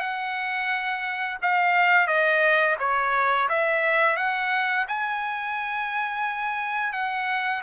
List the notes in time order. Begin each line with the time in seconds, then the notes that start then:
0.00 F#5
1.42 F5
2.07 D#5
2.79 C#5
3.49 E5
4.17 F#5
4.88 G#5
6.93 F#5